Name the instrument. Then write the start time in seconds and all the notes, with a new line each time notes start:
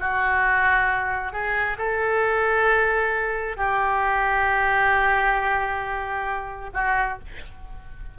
oboe
0.00 F#4
1.33 G#4
1.79 A4
3.57 G4
6.74 F#4